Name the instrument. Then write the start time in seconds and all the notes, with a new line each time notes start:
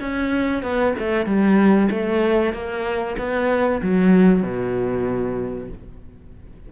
cello
0.00 C#4
0.62 B3
0.98 A3
1.26 G3
1.90 A3
2.53 A#3
3.18 B3
3.82 F#3
4.42 B2